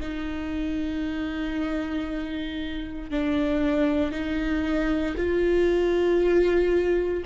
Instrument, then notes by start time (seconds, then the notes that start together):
viola
0.00 D#4
3.10 D4
4.11 D#4
5.17 F4